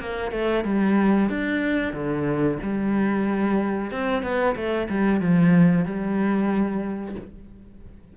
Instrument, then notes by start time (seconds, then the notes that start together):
cello
0.00 A#3
0.32 A3
0.64 G3
1.30 D4
1.93 D3
2.63 G3
3.91 C4
4.23 B3
4.56 A3
4.89 G3
5.21 F3
5.85 G3